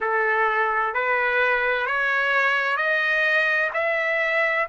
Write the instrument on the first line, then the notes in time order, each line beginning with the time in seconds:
trumpet
0.00 A4
0.94 B4
1.86 C#5
2.77 D#5
3.73 E5